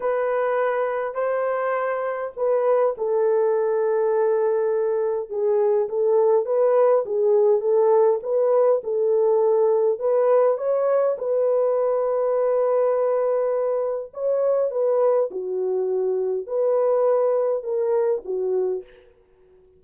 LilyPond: \new Staff \with { instrumentName = "horn" } { \time 4/4 \tempo 4 = 102 b'2 c''2 | b'4 a'2.~ | a'4 gis'4 a'4 b'4 | gis'4 a'4 b'4 a'4~ |
a'4 b'4 cis''4 b'4~ | b'1 | cis''4 b'4 fis'2 | b'2 ais'4 fis'4 | }